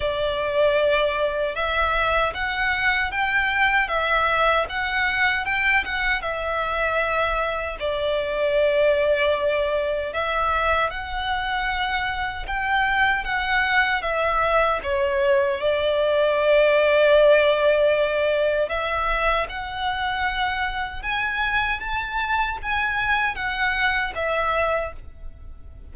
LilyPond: \new Staff \with { instrumentName = "violin" } { \time 4/4 \tempo 4 = 77 d''2 e''4 fis''4 | g''4 e''4 fis''4 g''8 fis''8 | e''2 d''2~ | d''4 e''4 fis''2 |
g''4 fis''4 e''4 cis''4 | d''1 | e''4 fis''2 gis''4 | a''4 gis''4 fis''4 e''4 | }